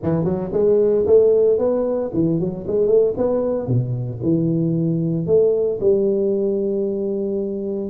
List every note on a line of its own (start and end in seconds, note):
0.02 0.24 E3
0.24 0.50 F#3
0.53 1.05 G#3
1.06 1.58 A3
1.58 2.11 B3
2.13 2.39 E3
2.39 2.66 F#3
2.67 2.87 G#3
2.87 3.13 A3
3.17 3.67 B3
3.67 4.20 B2
4.22 5.26 E3
5.26 5.79 A3
5.80 7.89 G3